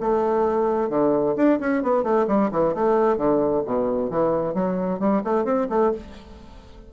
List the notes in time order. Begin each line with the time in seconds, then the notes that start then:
0.00 A3
0.89 D3
1.36 D4
1.59 C#4
1.82 B3
2.03 A3
2.27 G3
2.51 E3
2.74 A3
3.17 D3
3.65 B2
4.10 E3
4.54 F#3
4.99 G3
5.24 A3
5.44 C4
5.69 A3